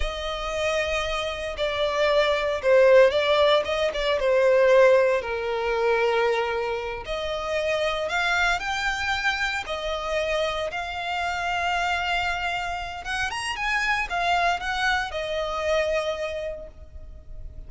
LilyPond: \new Staff \with { instrumentName = "violin" } { \time 4/4 \tempo 4 = 115 dis''2. d''4~ | d''4 c''4 d''4 dis''8 d''8 | c''2 ais'2~ | ais'4. dis''2 f''8~ |
f''8 g''2 dis''4.~ | dis''8 f''2.~ f''8~ | f''4 fis''8 ais''8 gis''4 f''4 | fis''4 dis''2. | }